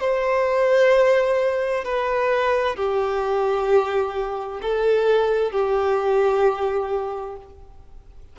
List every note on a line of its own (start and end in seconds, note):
0.00 1.85 C5
1.85 2.76 B4
2.76 4.61 G4
4.62 5.52 A4
5.52 7.36 G4